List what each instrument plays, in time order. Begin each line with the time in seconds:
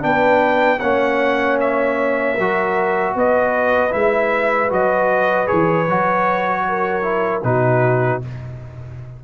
0.00 tuba B3, trombone D4, horn B4, trumpet G5
0.79 tuba A#3, trombone C#4, horn C#5, trumpet F#5
1.60 trumpet E5
2.35 tuba F#3, horn A#4
2.41 trombone F#4
3.15 tuba B3, horn B4, trumpet D#5
3.91 tuba G#3, trombone E4, trumpet E5
4.69 tuba F#3, trombone F#4, trumpet D#5
5.47 trombone G#4, trumpet C#5
5.53 tuba E3
5.88 tuba F#3, trombone F#4
6.69 horn A#4
7.02 trombone E4
7.44 tuba B2, trombone D#4, horn F#4, trumpet B4